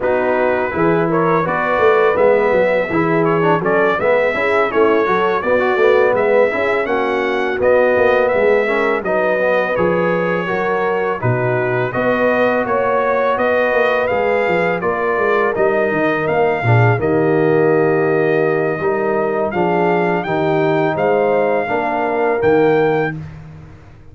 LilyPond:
<<
  \new Staff \with { instrumentName = "trumpet" } { \time 4/4 \tempo 4 = 83 b'4. cis''8 d''4 e''4~ | e''8 cis''8 d''8 e''4 cis''4 d''8~ | d''8 e''4 fis''4 dis''4 e''8~ | e''8 dis''4 cis''2 b'8~ |
b'8 dis''4 cis''4 dis''4 f''8~ | f''8 d''4 dis''4 f''4 dis''8~ | dis''2. f''4 | g''4 f''2 g''4 | }
  \new Staff \with { instrumentName = "horn" } { \time 4/4 fis'4 gis'8 ais'8 b'2 | gis'4 a'8 b'8 gis'8 e'8 a'8 fis'8~ | fis'8 b'8 gis'8 fis'2 gis'8 | ais'8 b'2 ais'4 fis'8~ |
fis'8 b'4 cis''4 b'4.~ | b'8 ais'2~ ais'8 gis'8 g'8~ | g'2 ais'4 gis'4 | g'4 c''4 ais'2 | }
  \new Staff \with { instrumentName = "trombone" } { \time 4/4 dis'4 e'4 fis'4 b4 | e'8. d'16 cis'8 b8 e'8 cis'8 fis'8 b16 fis'16 | b4 e'8 cis'4 b4. | cis'8 dis'8 b8 gis'4 fis'4 dis'8~ |
dis'8 fis'2. gis'8~ | gis'8 f'4 dis'4. d'8 ais8~ | ais2 dis'4 d'4 | dis'2 d'4 ais4 | }
  \new Staff \with { instrumentName = "tuba" } { \time 4/4 b4 e4 b8 a8 gis8 fis8 | e4 fis8 gis8 cis'8 a8 fis8 b8 | a8 gis8 cis'8 ais4 b8 ais8 gis8~ | gis8 fis4 f4 fis4 b,8~ |
b,8 b4 ais4 b8 ais8 gis8 | f8 ais8 gis8 g8 dis8 ais8 ais,8 dis8~ | dis2 g4 f4 | dis4 gis4 ais4 dis4 | }
>>